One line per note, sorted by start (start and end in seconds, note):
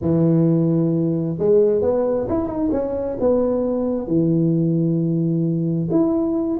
0.01 1.37 E3
1.39 1.81 G#3
1.81 2.27 B3
2.29 2.47 E4
2.47 2.69 D#4
2.71 3.17 C#4
3.19 4.07 B3
4.07 5.89 E3
5.90 6.58 E4